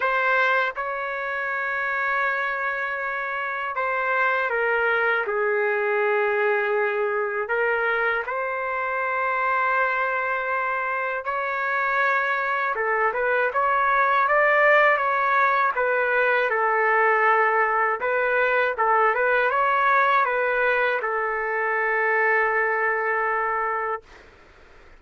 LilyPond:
\new Staff \with { instrumentName = "trumpet" } { \time 4/4 \tempo 4 = 80 c''4 cis''2.~ | cis''4 c''4 ais'4 gis'4~ | gis'2 ais'4 c''4~ | c''2. cis''4~ |
cis''4 a'8 b'8 cis''4 d''4 | cis''4 b'4 a'2 | b'4 a'8 b'8 cis''4 b'4 | a'1 | }